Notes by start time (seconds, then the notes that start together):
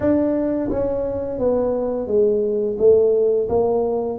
0.00 D4
0.70 C#4
1.38 B3
2.07 G#3
2.78 A3
3.49 A#3